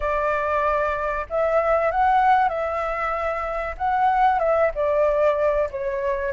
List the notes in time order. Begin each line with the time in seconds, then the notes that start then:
0.00 D5
1.29 E5
1.91 F#5
2.48 E5
3.77 F#5
4.39 E5
4.74 D5
5.70 C#5